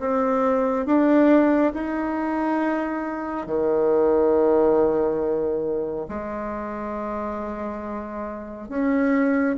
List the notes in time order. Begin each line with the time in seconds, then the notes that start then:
0.00 C4
0.86 D4
1.74 D#4
3.47 D#3
6.09 G#3
8.69 C#4